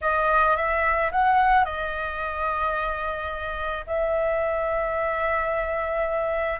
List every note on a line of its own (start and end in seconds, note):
0.01 0.56 D#5
0.56 1.11 E5
1.11 1.64 F#5
1.64 3.85 D#5
3.87 6.60 E5